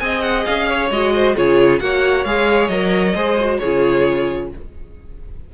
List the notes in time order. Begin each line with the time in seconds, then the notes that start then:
0.00 C4 G#4 D#5 G#5
0.22 F#5
0.46 C#4 F5
0.69 C#5
0.91 G#3 F#4 D#5
1.14 C5
1.36 C#3 F4 G#4 C#5
1.80 A#3 F#4 C#5 F#5
2.25 G#3 G#4 F5
2.68 F#3 A#4 D#5
3.16 G#3 G#4 C5
3.40 F#4
3.58 C#3 G#4 C#5
3.65 F4